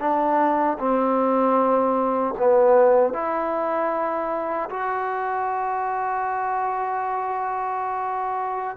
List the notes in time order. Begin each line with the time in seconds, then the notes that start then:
0.00 D4
0.79 C4
2.38 B3
3.13 E4
4.70 F#4